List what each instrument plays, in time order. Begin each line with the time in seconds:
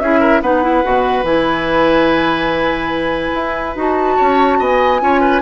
0.00 bassoon C#4, clarinet E4, oboe G#4, flute E5
0.20 oboe A#4
0.42 bassoon B3, clarinet D#4, oboe B4, flute F#5
0.63 clarinet E4
0.84 bassoon B2, clarinet F#4
1.23 bassoon E3, clarinet E4, flute G#5
3.34 bassoon E4
3.76 bassoon D#4, clarinet F#4, flute A5
4.16 bassoon C#4, oboe C#5
4.59 bassoon B3, oboe D#5, flute G#5
5.00 bassoon C#4, clarinet F4, oboe C#5
5.21 oboe B4